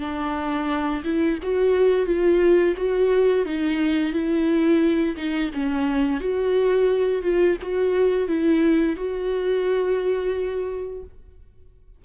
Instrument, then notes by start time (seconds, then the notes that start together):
viola
0.00 D4
1.04 E4
1.43 F#4
2.06 F4
2.77 F#4
3.46 D#4
4.13 E4
5.17 D#4
5.54 C#4
6.20 F#4
7.23 F4
7.62 F#4
8.28 E4
8.97 F#4